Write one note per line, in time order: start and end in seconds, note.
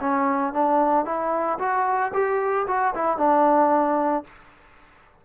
0.00 0.53 C#4
0.53 1.05 D4
1.05 1.58 E4
1.59 2.12 F#4
2.13 2.66 G4
2.67 2.94 F#4
2.95 3.17 E4
3.17 4.24 D4